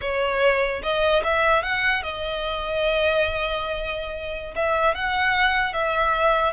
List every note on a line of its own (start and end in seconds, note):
0.01 0.81 C#5
0.82 1.22 D#5
1.23 1.62 E5
1.62 2.02 F#5
2.02 4.54 D#5
4.55 4.94 E5
4.94 5.73 F#5
5.73 6.53 E5